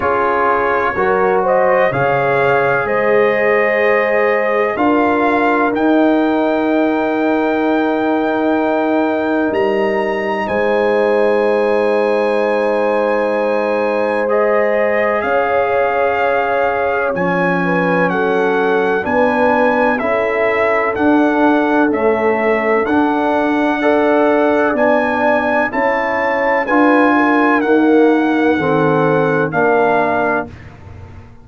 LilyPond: <<
  \new Staff \with { instrumentName = "trumpet" } { \time 4/4 \tempo 4 = 63 cis''4. dis''8 f''4 dis''4~ | dis''4 f''4 g''2~ | g''2 ais''4 gis''4~ | gis''2. dis''4 |
f''2 gis''4 fis''4 | gis''4 e''4 fis''4 e''4 | fis''2 gis''4 a''4 | gis''4 fis''2 f''4 | }
  \new Staff \with { instrumentName = "horn" } { \time 4/4 gis'4 ais'8 c''8 cis''4 c''4~ | c''4 ais'2.~ | ais'2. c''4~ | c''1 |
cis''2~ cis''8 b'8 a'4 | b'4 a'2.~ | a'4 d''2 cis''4 | b'8 ais'4. a'4 ais'4 | }
  \new Staff \with { instrumentName = "trombone" } { \time 4/4 f'4 fis'4 gis'2~ | gis'4 f'4 dis'2~ | dis'1~ | dis'2. gis'4~ |
gis'2 cis'2 | d'4 e'4 d'4 a4 | d'4 a'4 d'4 e'4 | f'4 ais4 c'4 d'4 | }
  \new Staff \with { instrumentName = "tuba" } { \time 4/4 cis'4 fis4 cis4 gis4~ | gis4 d'4 dis'2~ | dis'2 g4 gis4~ | gis1 |
cis'2 f4 fis4 | b4 cis'4 d'4 cis'4 | d'2 b4 cis'4 | d'4 dis'4 dis4 ais4 | }
>>